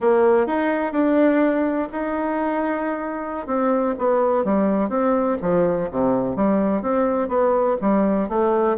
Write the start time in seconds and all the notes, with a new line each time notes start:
0.00 A#3
0.46 D#4
0.92 D4
1.92 D#4
3.46 C4
3.98 B3
4.44 G3
4.89 C4
5.41 F3
5.91 C3
6.36 G3
6.82 C4
7.28 B3
7.81 G3
8.28 A3